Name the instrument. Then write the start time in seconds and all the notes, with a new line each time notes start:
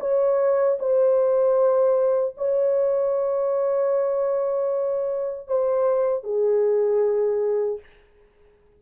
horn
0.00 C#5
0.79 C5
2.37 C#5
5.48 C5
6.24 G#4